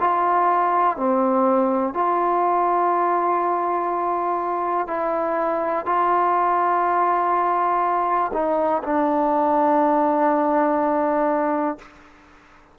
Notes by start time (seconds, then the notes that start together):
0.00 F4
0.97 C4
1.94 F4
4.87 E4
5.86 F4
8.33 D#4
8.83 D4